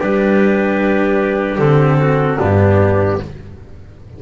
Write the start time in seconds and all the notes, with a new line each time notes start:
0.00 G3 D4 G4 B4
1.59 D3 C4 A4
2.01 F#4
2.39 G2 B3 D4 G4